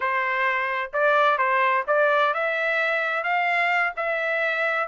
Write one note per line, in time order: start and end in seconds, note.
0.00 0.91 C5
0.93 1.38 D5
1.38 1.84 C5
1.87 2.33 D5
2.34 3.23 E5
3.23 3.93 F5
3.96 4.87 E5